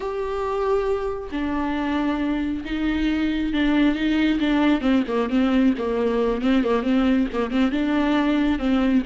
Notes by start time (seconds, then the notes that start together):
0.00 G4
1.31 D4
2.65 D#4
3.53 D4
3.95 D#4
4.40 D4
4.81 C4
5.07 A#3
5.29 C4
5.78 A#3
6.41 C4
6.63 A#3
6.82 C4
7.32 A#3
7.50 C4
7.71 D4
8.58 C4